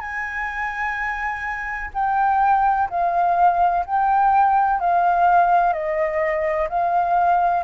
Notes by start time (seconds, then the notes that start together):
0.00 G#5
1.94 G5
2.90 F5
3.86 G5
4.80 F5
5.73 D#5
6.69 F5